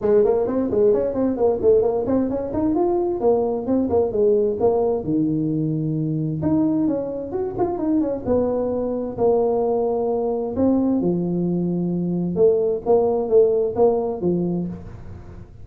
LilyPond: \new Staff \with { instrumentName = "tuba" } { \time 4/4 \tempo 4 = 131 gis8 ais8 c'8 gis8 cis'8 c'8 ais8 a8 | ais8 c'8 cis'8 dis'8 f'4 ais4 | c'8 ais8 gis4 ais4 dis4~ | dis2 dis'4 cis'4 |
fis'8 f'8 dis'8 cis'8 b2 | ais2. c'4 | f2. a4 | ais4 a4 ais4 f4 | }